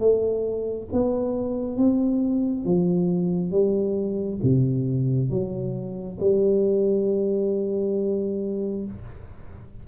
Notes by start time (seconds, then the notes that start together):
0.00 A3
0.93 B3
1.77 C4
2.66 F3
3.51 G3
4.43 C3
5.30 F#3
6.20 G3